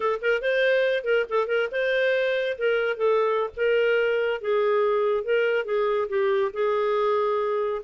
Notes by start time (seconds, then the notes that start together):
0.00 A4
0.21 A#4
0.41 C5
1.04 A#4
1.29 A4
1.47 A#4
1.71 C5
2.57 A#4
2.96 A4
3.56 A#4
4.41 G#4
5.23 A#4
5.65 G#4
6.09 G4
6.53 G#4